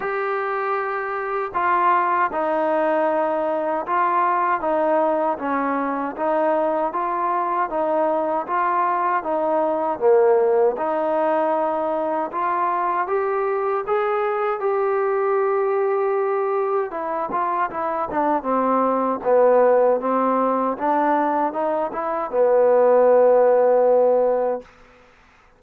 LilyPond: \new Staff \with { instrumentName = "trombone" } { \time 4/4 \tempo 4 = 78 g'2 f'4 dis'4~ | dis'4 f'4 dis'4 cis'4 | dis'4 f'4 dis'4 f'4 | dis'4 ais4 dis'2 |
f'4 g'4 gis'4 g'4~ | g'2 e'8 f'8 e'8 d'8 | c'4 b4 c'4 d'4 | dis'8 e'8 b2. | }